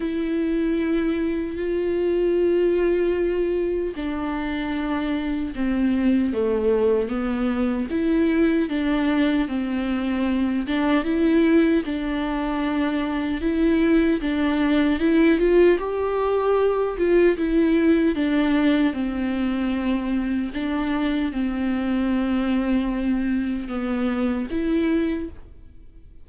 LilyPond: \new Staff \with { instrumentName = "viola" } { \time 4/4 \tempo 4 = 76 e'2 f'2~ | f'4 d'2 c'4 | a4 b4 e'4 d'4 | c'4. d'8 e'4 d'4~ |
d'4 e'4 d'4 e'8 f'8 | g'4. f'8 e'4 d'4 | c'2 d'4 c'4~ | c'2 b4 e'4 | }